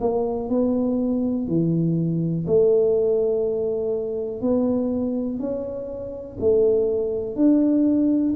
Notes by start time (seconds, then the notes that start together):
0.00 A#3
0.49 B3
1.48 E3
2.47 A3
4.41 B3
5.39 C#4
6.40 A3
7.35 D4